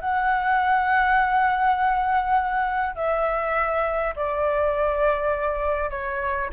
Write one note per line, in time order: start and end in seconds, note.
0.00 2.95 F#5
2.95 4.14 E5
4.16 5.90 D5
5.90 6.49 C#5